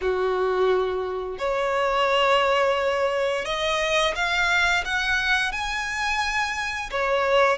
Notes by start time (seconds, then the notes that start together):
0.01 F#4
1.38 C#5
3.45 D#5
4.15 F5
4.84 F#5
5.52 G#5
6.90 C#5